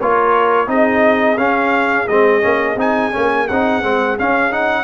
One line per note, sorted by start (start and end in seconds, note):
0.00 0.68 A#3
0.00 0.67 F4
0.00 0.69 A#4
0.00 0.69 C#5
0.67 1.38 C4
0.67 1.37 D#4
0.67 4.84 G#4
0.67 1.38 D#5
1.38 2.07 C#4
1.38 2.08 C#4
1.38 2.08 F5
2.08 2.44 G#3
2.08 2.42 C4
2.08 2.78 D#5
2.42 2.76 A#3
2.42 2.76 C#4
2.76 3.11 C4
2.76 3.12 D#4
2.76 3.48 G#5
3.12 3.50 A#3
3.12 3.47 C#4
3.48 3.84 C4
3.48 3.83 D#4
3.48 4.18 F#5
3.83 4.19 G#3
3.83 4.18 C4
4.18 4.51 C#4
4.18 4.84 C#4
4.18 4.53 F5
4.51 4.84 D#4
4.51 4.84 F#5